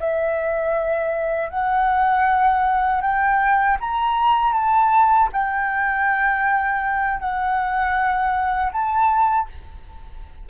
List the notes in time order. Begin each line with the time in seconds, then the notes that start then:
0.00 E5
1.49 F#5
3.01 G5
3.80 A#5
4.53 A5
5.32 G5
7.20 F#5
8.72 A5